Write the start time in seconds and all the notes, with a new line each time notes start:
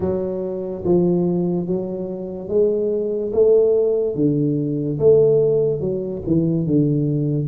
0.00 F#3
0.84 F3
1.66 F#3
2.48 G#3
3.32 A3
4.15 D3
4.99 A3
5.80 F#3
6.26 E3
6.66 D3